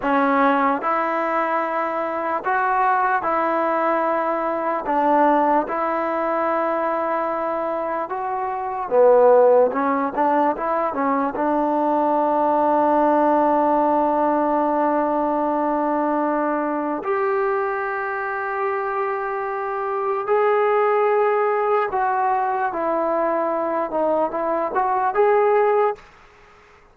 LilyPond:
\new Staff \with { instrumentName = "trombone" } { \time 4/4 \tempo 4 = 74 cis'4 e'2 fis'4 | e'2 d'4 e'4~ | e'2 fis'4 b4 | cis'8 d'8 e'8 cis'8 d'2~ |
d'1~ | d'4 g'2.~ | g'4 gis'2 fis'4 | e'4. dis'8 e'8 fis'8 gis'4 | }